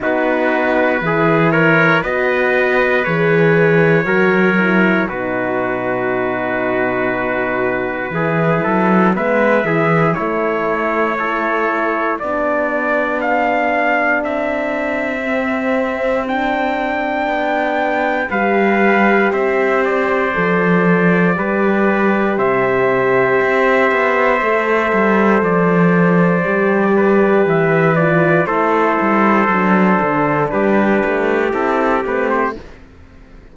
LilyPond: <<
  \new Staff \with { instrumentName = "trumpet" } { \time 4/4 \tempo 4 = 59 b'4. cis''8 dis''4 cis''4~ | cis''4 b'2.~ | b'4 e''4 cis''2 | d''4 f''4 e''2 |
g''2 f''4 e''8 d''8~ | d''2 e''2~ | e''4 d''2 e''8 d''8 | c''2 b'4 a'8 b'16 c''16 | }
  \new Staff \with { instrumentName = "trumpet" } { \time 4/4 fis'4 gis'8 ais'8 b'2 | ais'4 fis'2. | gis'8 a'8 b'8 gis'8 e'4 a'4 | g'1~ |
g'2 b'4 c''4~ | c''4 b'4 c''2~ | c''2~ c''8 b'4. | a'2 g'2 | }
  \new Staff \with { instrumentName = "horn" } { \time 4/4 dis'4 e'4 fis'4 gis'4 | fis'8 e'8 dis'2. | e'4 b8 e'8 a4 e'4 | d'2. c'4 |
d'2 g'2 | a'4 g'2. | a'2 g'4. f'8 | e'4 d'2 e'8 c'8 | }
  \new Staff \with { instrumentName = "cello" } { \time 4/4 b4 e4 b4 e4 | fis4 b,2. | e8 fis8 gis8 e8 a2 | b2 c'2~ |
c'4 b4 g4 c'4 | f4 g4 c4 c'8 b8 | a8 g8 f4 g4 e4 | a8 g8 fis8 d8 g8 a8 c'8 a8 | }
>>